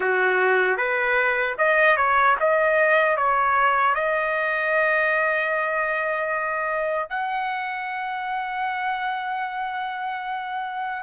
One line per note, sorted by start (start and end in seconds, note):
0.00 0.77 F#4
0.77 1.56 B4
1.58 1.96 D#5
1.96 2.36 C#5
2.39 3.17 D#5
3.17 3.95 C#5
3.95 7.09 D#5
7.09 11.02 F#5